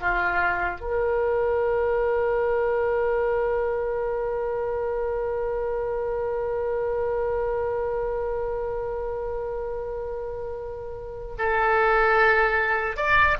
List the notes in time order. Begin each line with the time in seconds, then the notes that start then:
0.00 F4
0.80 A#4
11.38 A4
12.96 D5